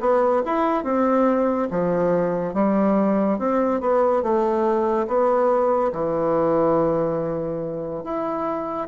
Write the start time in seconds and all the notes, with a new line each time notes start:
0.00 B3
0.45 E4
0.84 C4
1.71 F3
2.54 G3
3.38 C4
3.81 B3
4.23 A3
5.07 B3
5.92 E3
8.04 E4